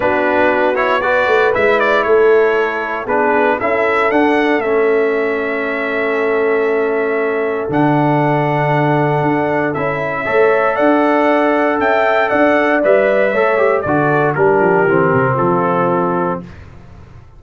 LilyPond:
<<
  \new Staff \with { instrumentName = "trumpet" } { \time 4/4 \tempo 4 = 117 b'4. cis''8 d''4 e''8 d''8 | cis''2 b'4 e''4 | fis''4 e''2.~ | e''2. fis''4~ |
fis''2. e''4~ | e''4 fis''2 g''4 | fis''4 e''2 d''4 | ais'2 a'2 | }
  \new Staff \with { instrumentName = "horn" } { \time 4/4 fis'2 b'2 | a'2 gis'4 a'4~ | a'1~ | a'1~ |
a'1 | cis''4 d''2 e''4 | d''2 cis''4 a'4 | g'2 f'2 | }
  \new Staff \with { instrumentName = "trombone" } { \time 4/4 d'4. e'8 fis'4 e'4~ | e'2 d'4 e'4 | d'4 cis'2.~ | cis'2. d'4~ |
d'2. e'4 | a'1~ | a'4 b'4 a'8 g'8 fis'4 | d'4 c'2. | }
  \new Staff \with { instrumentName = "tuba" } { \time 4/4 b2~ b8 a8 gis4 | a2 b4 cis'4 | d'4 a2.~ | a2. d4~ |
d2 d'4 cis'4 | a4 d'2 cis'4 | d'4 g4 a4 d4 | g8 f8 e8 c8 f2 | }
>>